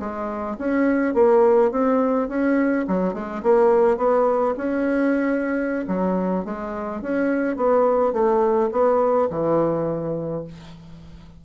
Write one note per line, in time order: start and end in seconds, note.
0.00 0.57 G#3
0.59 1.15 C#4
1.15 1.72 A#3
1.72 2.29 C4
2.29 2.86 C#4
2.88 3.14 F#3
3.14 3.42 G#3
3.43 3.98 A#3
3.98 4.55 B3
4.58 5.86 C#4
5.88 6.45 F#3
6.45 7.02 G#3
7.02 7.57 C#4
7.57 8.13 B3
8.13 8.70 A3
8.72 9.29 B3
9.30 10.45 E3